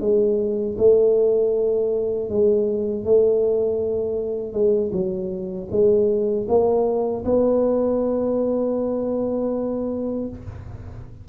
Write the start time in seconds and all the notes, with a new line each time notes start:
0.00 G#3
0.78 A3
2.29 G#3
3.04 A3
4.53 G#3
4.92 F#3
5.71 G#3
6.48 A#3
7.25 B3